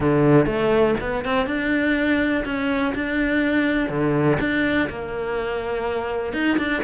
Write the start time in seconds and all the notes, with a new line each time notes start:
0.00 D3
0.45 A3
1.00 B3
1.25 C4
1.46 D4
2.44 C#4
2.94 D4
3.89 D3
4.40 D4
4.89 A#3
6.33 D#4
6.58 D4